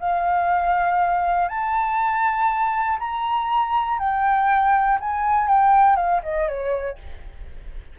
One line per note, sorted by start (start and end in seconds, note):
0.00 1.49 F5
1.49 2.99 A5
3.00 3.99 A#5
3.99 4.99 G5
5.00 5.48 G#5
5.48 5.96 G5
5.96 6.21 F5
6.23 6.48 D#5
6.48 6.98 C#5